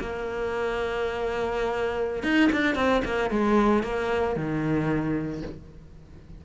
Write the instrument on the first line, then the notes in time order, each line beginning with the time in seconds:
cello
0.00 A#3
2.23 D#4
2.52 D4
2.75 C4
3.05 A#3
3.30 G#3
3.83 A#3
4.36 D#3